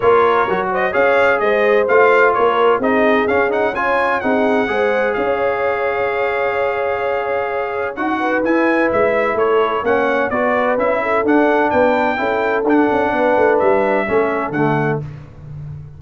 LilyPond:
<<
  \new Staff \with { instrumentName = "trumpet" } { \time 4/4 \tempo 4 = 128 cis''4. dis''8 f''4 dis''4 | f''4 cis''4 dis''4 f''8 fis''8 | gis''4 fis''2 f''4~ | f''1~ |
f''4 fis''4 gis''4 e''4 | cis''4 fis''4 d''4 e''4 | fis''4 g''2 fis''4~ | fis''4 e''2 fis''4 | }
  \new Staff \with { instrumentName = "horn" } { \time 4/4 ais'4. c''8 cis''4 c''4~ | c''4 ais'4 gis'2 | cis''4 gis'4 c''4 cis''4~ | cis''1~ |
cis''4. b'2~ b'8 | a'4 cis''4 b'4. a'8~ | a'4 b'4 a'2 | b'2 a'2 | }
  \new Staff \with { instrumentName = "trombone" } { \time 4/4 f'4 fis'4 gis'2 | f'2 dis'4 cis'8 dis'8 | f'4 dis'4 gis'2~ | gis'1~ |
gis'4 fis'4 e'2~ | e'4 cis'4 fis'4 e'4 | d'2 e'4 d'4~ | d'2 cis'4 a4 | }
  \new Staff \with { instrumentName = "tuba" } { \time 4/4 ais4 fis4 cis'4 gis4 | a4 ais4 c'4 cis'4~ | cis'4 c'4 gis4 cis'4~ | cis'1~ |
cis'4 dis'4 e'4 gis4 | a4 ais4 b4 cis'4 | d'4 b4 cis'4 d'8 cis'8 | b8 a8 g4 a4 d4 | }
>>